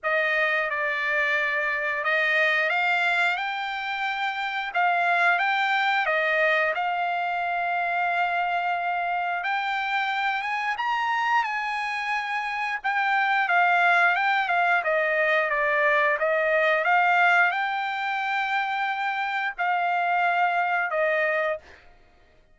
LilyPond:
\new Staff \with { instrumentName = "trumpet" } { \time 4/4 \tempo 4 = 89 dis''4 d''2 dis''4 | f''4 g''2 f''4 | g''4 dis''4 f''2~ | f''2 g''4. gis''8 |
ais''4 gis''2 g''4 | f''4 g''8 f''8 dis''4 d''4 | dis''4 f''4 g''2~ | g''4 f''2 dis''4 | }